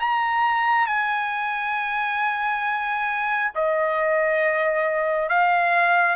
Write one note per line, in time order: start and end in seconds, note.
0.00 0.87 A#5
0.87 3.52 G#5
3.55 5.29 D#5
5.29 6.16 F5